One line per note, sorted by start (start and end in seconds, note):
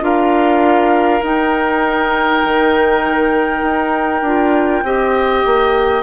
0.00 1.21 D4
0.00 1.20 F4
0.00 4.83 A#4
0.00 1.24 F5
1.22 4.22 D#4
1.22 2.42 D#4
1.22 6.03 G5
2.44 3.62 D#3
3.62 4.21 D#4
4.21 4.82 D4
4.21 4.84 F4
4.83 5.43 C4
4.83 6.03 G4
4.83 6.03 D#5
5.46 6.03 A#3